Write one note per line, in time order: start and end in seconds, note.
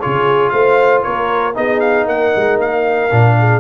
0.00 0.53 C#3
0.00 1.54 F4
0.00 0.52 G#4
0.00 0.49 C#5
0.49 1.04 A3
0.49 1.04 C5
0.49 1.01 F5
1.03 1.56 A#3
1.03 1.56 A#4
1.03 1.55 C#5
1.54 2.06 B3
1.54 3.10 D#4
1.54 2.06 G#4
1.54 1.80 D#5
1.80 2.06 F5
2.06 2.32 A#3
2.06 3.36 A#4
2.06 2.60 F#5
2.36 2.58 G#3
2.58 3.10 A#3
2.58 3.60 F5
3.10 3.60 A#2
3.10 3.60 D4
3.38 3.60 G#4